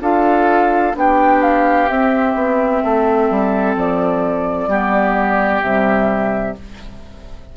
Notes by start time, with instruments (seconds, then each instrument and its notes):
0.00 bassoon D4, clarinet F4, oboe A4, flute F5
0.94 bassoon B3, clarinet D4, oboe G4, flute G5
1.42 flute F5
1.89 bassoon C4, clarinet C4, flute E5
2.35 bassoon B3
2.83 bassoon A3, oboe A4
3.30 bassoon G3
3.75 bassoon F3, flute D5
4.67 bassoon G3, clarinet B3, oboe G4
5.61 bassoon C3, clarinet G3, flute E5